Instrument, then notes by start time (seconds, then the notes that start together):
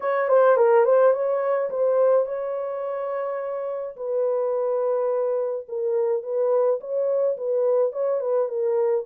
horn
0.00 C#5
0.28 C5
0.56 A#4
0.85 C5
1.13 C#5
1.70 C5
2.26 C#5
3.96 B4
5.68 A#4
6.23 B4
6.80 C#5
7.37 B4
7.92 C#5
8.20 B4
8.48 A#4